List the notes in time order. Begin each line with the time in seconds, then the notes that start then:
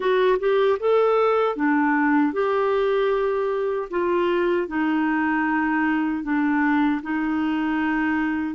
0.00 F#4
0.39 G4
0.79 A4
1.56 D4
2.32 G4
3.90 F4
4.67 D#4
6.23 D4
7.02 D#4